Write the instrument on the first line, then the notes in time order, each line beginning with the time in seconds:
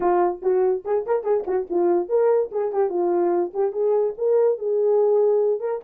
horn
0.00 F4
0.42 F#4
0.84 G#4
1.05 A#4
1.23 G#4
1.46 F#4
1.70 F4
2.08 A#4
2.51 G#4
2.72 G4
2.89 F4
3.53 G4
3.72 G#4
4.17 A#4
4.58 G#4
5.60 A#4